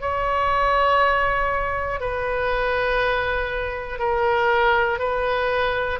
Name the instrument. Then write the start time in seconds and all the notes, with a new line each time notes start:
oboe
0.00 C#5
2.00 B4
3.99 A#4
4.99 B4